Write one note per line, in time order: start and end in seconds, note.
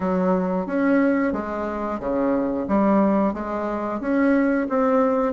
0.00 0.66 F#3
0.66 1.32 C#4
1.32 1.99 G#3
1.99 2.66 C#3
2.68 3.33 G3
3.33 4.00 G#3
4.00 4.67 C#4
4.69 5.33 C4